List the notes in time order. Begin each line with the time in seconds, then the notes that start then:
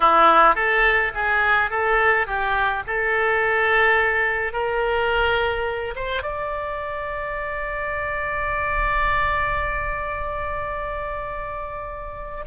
0.00 E4
0.55 A4
1.14 G#4
1.70 A4
2.26 G4
2.86 A4
4.53 A#4
5.95 C5
6.22 D5